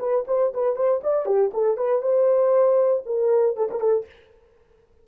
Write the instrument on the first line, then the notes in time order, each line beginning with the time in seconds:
horn
0.00 B4
0.28 C5
0.54 B4
0.76 C5
1.04 D5
1.26 G4
1.54 A4
1.78 B4
2.02 C5
3.06 A#4
3.57 A4
3.72 A#4
3.81 A4